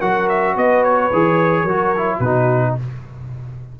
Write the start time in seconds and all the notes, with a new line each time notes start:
0.00 F#3 F#4 A#4 F#5
0.29 E5
0.55 B3 B4 D#5
0.84 C#5
1.13 E3 G#4
1.63 F#3 F#4 A#4
1.97 E4
2.17 B2 F#4 B4
2.25 D#4